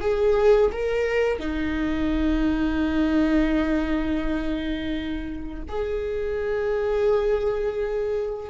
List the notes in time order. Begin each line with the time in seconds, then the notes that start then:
0.00 G#4
0.72 A#4
1.39 D#4
5.68 G#4